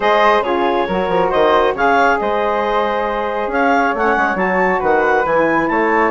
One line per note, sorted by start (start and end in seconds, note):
0.00 0.40 G#3
0.00 0.43 G#4
0.00 0.43 C5
0.00 0.42 D#5
0.40 0.84 C#3
0.40 0.87 F4
0.40 0.86 G#4
0.40 1.29 C#5
0.87 1.08 F#3
0.87 1.76 F#4
0.87 1.30 A#4
1.08 1.30 F3
1.30 1.74 D#3
1.30 1.73 C5
1.30 1.75 D#5
1.74 2.17 C#3
1.74 3.95 G#4
1.74 2.18 C#5
1.74 2.19 F5
2.19 3.47 G#3
2.19 3.52 C5
2.19 3.50 D#5
3.47 3.90 C#4
3.47 4.79 C#5
3.47 3.96 F5
3.94 4.16 A3
3.94 4.36 C#4
3.94 4.37 F#5
4.17 4.35 G#3
4.35 4.78 F#3
4.35 5.24 F#4
4.35 4.81 A5
4.79 5.25 D#3
4.79 5.67 B4
4.79 5.26 F#5
5.25 5.69 E3
5.25 6.11 E4
5.25 5.67 G#5
5.67 6.11 A3
5.67 6.11 C#5
5.67 6.11 A5